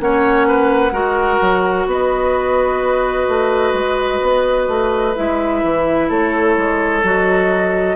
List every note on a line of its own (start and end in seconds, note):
0.00 0.92 A#3
0.00 0.92 C#4
0.00 0.47 C#5
0.00 1.88 F#5
0.47 0.93 B4
0.92 1.39 G#3
0.92 5.14 F#4
0.92 1.87 A#4
1.41 1.87 F#3
1.87 3.27 B3
1.87 6.09 B4
1.87 5.16 D#5
3.28 3.73 A3
3.73 4.20 G#3
4.22 4.68 B3
4.68 5.15 A3
5.15 5.63 G#3
5.15 7.03 E4
5.15 6.10 E5
5.63 6.10 E3
6.09 6.57 A3
6.09 7.96 A4
6.09 7.04 C#5
6.57 7.03 G#3
7.03 7.96 F#3
7.03 7.96 F#4
7.03 7.96 D#5